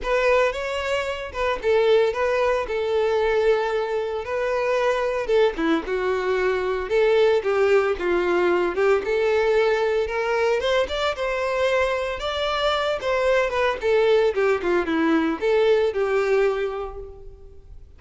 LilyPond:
\new Staff \with { instrumentName = "violin" } { \time 4/4 \tempo 4 = 113 b'4 cis''4. b'8 a'4 | b'4 a'2. | b'2 a'8 e'8 fis'4~ | fis'4 a'4 g'4 f'4~ |
f'8 g'8 a'2 ais'4 | c''8 d''8 c''2 d''4~ | d''8 c''4 b'8 a'4 g'8 f'8 | e'4 a'4 g'2 | }